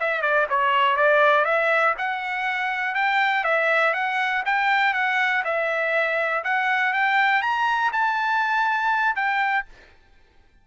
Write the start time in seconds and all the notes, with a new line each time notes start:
0.00 E5
0.21 D5
0.50 C#5
0.96 D5
1.44 E5
1.98 F#5
2.94 G5
3.44 E5
3.94 F#5
4.45 G5
4.93 F#5
5.44 E5
6.44 F#5
6.93 G5
7.42 A#5
7.92 A5
9.15 G5